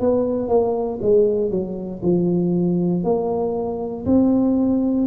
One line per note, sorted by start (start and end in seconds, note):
0.00 0.49 B3
0.49 0.99 A#3
1.02 1.51 G#3
1.51 2.02 F#3
2.02 3.04 F3
3.04 4.05 A#3
4.06 5.07 C4